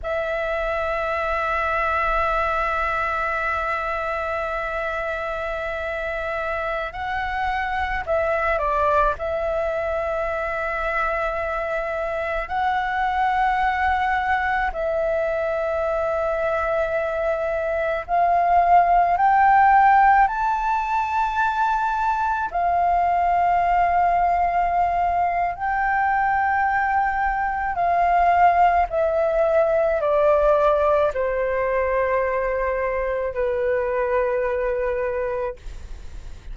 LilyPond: \new Staff \with { instrumentName = "flute" } { \time 4/4 \tempo 4 = 54 e''1~ | e''2~ e''16 fis''4 e''8 d''16~ | d''16 e''2. fis''8.~ | fis''4~ fis''16 e''2~ e''8.~ |
e''16 f''4 g''4 a''4.~ a''16~ | a''16 f''2~ f''8. g''4~ | g''4 f''4 e''4 d''4 | c''2 b'2 | }